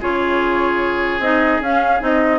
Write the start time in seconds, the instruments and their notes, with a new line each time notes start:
0.00 bassoon C#3, clarinet F4, oboe G#4, flute C#5
1.19 bassoon C4, clarinet D#4, flute D#5
1.61 bassoon C#4, clarinet C#4, flute F5
2.00 bassoon C4, clarinet D#4, flute D#5